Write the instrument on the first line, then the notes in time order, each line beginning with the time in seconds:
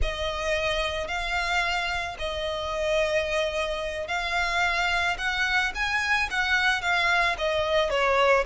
violin
0.01 D#5
1.07 F5
2.18 D#5
4.07 F5
5.17 F#5
5.74 G#5
6.30 F#5
6.81 F5
7.38 D#5
7.90 C#5